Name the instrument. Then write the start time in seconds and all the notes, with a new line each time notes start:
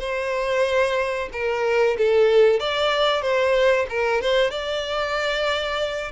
violin
0.00 C5
1.33 A#4
1.98 A4
2.60 D5
3.22 C5
3.89 A#4
4.21 C5
4.50 D5